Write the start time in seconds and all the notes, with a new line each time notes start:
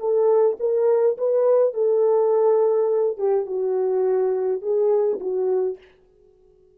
0.00 A4
0.60 A#4
1.18 B4
1.74 A4
3.18 G4
3.46 F#4
4.62 G#4
5.21 F#4